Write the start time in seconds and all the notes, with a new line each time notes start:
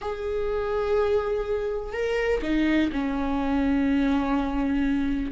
0.01 G#4
1.92 A#4
2.42 D#4
2.92 C#4